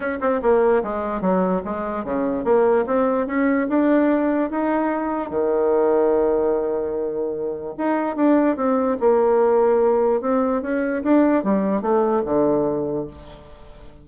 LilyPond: \new Staff \with { instrumentName = "bassoon" } { \time 4/4 \tempo 4 = 147 cis'8 c'8 ais4 gis4 fis4 | gis4 cis4 ais4 c'4 | cis'4 d'2 dis'4~ | dis'4 dis2.~ |
dis2. dis'4 | d'4 c'4 ais2~ | ais4 c'4 cis'4 d'4 | g4 a4 d2 | }